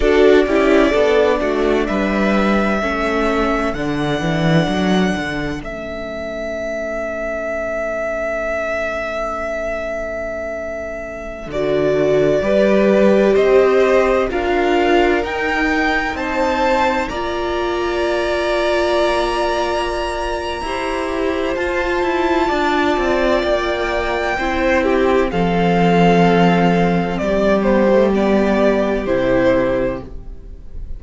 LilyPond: <<
  \new Staff \with { instrumentName = "violin" } { \time 4/4 \tempo 4 = 64 d''2 e''2 | fis''2 e''2~ | e''1~ | e''16 d''2 dis''4 f''8.~ |
f''16 g''4 a''4 ais''4.~ ais''16~ | ais''2. a''4~ | a''4 g''2 f''4~ | f''4 d''8 c''8 d''4 c''4 | }
  \new Staff \with { instrumentName = "violin" } { \time 4/4 a'8 g'8 a'8 fis'8 b'4 a'4~ | a'1~ | a'1~ | a'4~ a'16 b'4 c''4 ais'8.~ |
ais'4~ ais'16 c''4 d''4.~ d''16~ | d''2 c''2 | d''2 c''8 g'8 a'4~ | a'4 g'2. | }
  \new Staff \with { instrumentName = "viola" } { \time 4/4 fis'8 e'8 d'2 cis'4 | d'2 cis'2~ | cis'1~ | cis'16 fis'4 g'2 f'8.~ |
f'16 dis'2 f'4.~ f'16~ | f'2 g'4 f'4~ | f'2 e'4 c'4~ | c'4. b16 a16 b4 e'4 | }
  \new Staff \with { instrumentName = "cello" } { \time 4/4 d'8 cis'8 b8 a8 g4 a4 | d8 e8 fis8 d8 a2~ | a1~ | a16 d4 g4 c'4 d'8.~ |
d'16 dis'4 c'4 ais4.~ ais16~ | ais2 e'4 f'8 e'8 | d'8 c'8 ais4 c'4 f4~ | f4 g2 c4 | }
>>